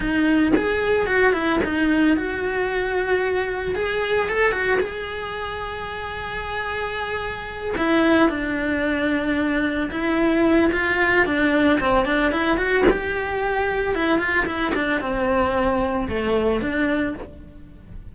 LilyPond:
\new Staff \with { instrumentName = "cello" } { \time 4/4 \tempo 4 = 112 dis'4 gis'4 fis'8 e'8 dis'4 | fis'2. gis'4 | a'8 fis'8 gis'2.~ | gis'2~ gis'8 e'4 d'8~ |
d'2~ d'8 e'4. | f'4 d'4 c'8 d'8 e'8 fis'8 | g'2 e'8 f'8 e'8 d'8 | c'2 a4 d'4 | }